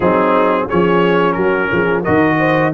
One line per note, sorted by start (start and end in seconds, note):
0.00 0.66 F#3
0.00 0.68 C4
0.00 0.65 D#4
0.00 0.68 G#4
0.68 1.36 F3
0.68 2.04 C#4
0.68 1.36 G#4
0.68 1.32 C#5
1.32 1.70 F#3
1.32 1.71 F#4
1.32 2.00 A#4
1.72 2.06 F3
1.72 2.02 G#4
2.02 2.73 D#3
2.02 2.72 F#4
2.02 2.36 A#4
2.02 2.72 D#5
2.38 2.72 C5